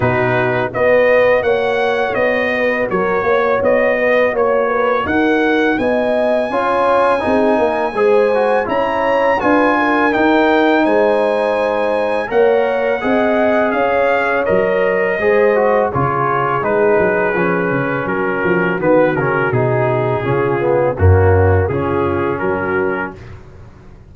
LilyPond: <<
  \new Staff \with { instrumentName = "trumpet" } { \time 4/4 \tempo 4 = 83 b'4 dis''4 fis''4 dis''4 | cis''4 dis''4 cis''4 fis''4 | gis''1 | ais''4 gis''4 g''4 gis''4~ |
gis''4 fis''2 f''4 | dis''2 cis''4 b'4~ | b'4 ais'4 b'8 ais'8 gis'4~ | gis'4 fis'4 gis'4 ais'4 | }
  \new Staff \with { instrumentName = "horn" } { \time 4/4 fis'4 b'4 cis''4. b'8 | ais'8 cis''4 b'8 cis''8 b'8 ais'4 | dis''4 cis''4 gis'8 ais'8 c''4 | cis''4 b'8 ais'4. c''4~ |
c''4 cis''4 dis''4 cis''4~ | cis''4 c''4 gis'2~ | gis'4 fis'2. | f'4 cis'4 f'4 fis'4 | }
  \new Staff \with { instrumentName = "trombone" } { \time 4/4 dis'4 fis'2.~ | fis'1~ | fis'4 f'4 dis'4 gis'8 fis'8 | e'4 f'4 dis'2~ |
dis'4 ais'4 gis'2 | ais'4 gis'8 fis'8 f'4 dis'4 | cis'2 b8 cis'8 dis'4 | cis'8 b8 ais4 cis'2 | }
  \new Staff \with { instrumentName = "tuba" } { \time 4/4 b,4 b4 ais4 b4 | fis8 ais8 b4 ais4 dis'4 | b4 cis'4 c'8 ais8 gis4 | cis'4 d'4 dis'4 gis4~ |
gis4 ais4 c'4 cis'4 | fis4 gis4 cis4 gis8 fis8 | f8 cis8 fis8 f8 dis8 cis8 b,4 | cis4 fis,4 cis4 fis4 | }
>>